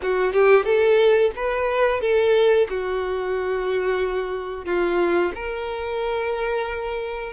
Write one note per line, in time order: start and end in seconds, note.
0.02 0.32 F#4
0.32 0.64 G4
0.64 1.31 A4
1.35 2.00 B4
2.00 2.67 A4
2.69 4.65 F#4
4.65 5.32 F4
5.35 7.32 A#4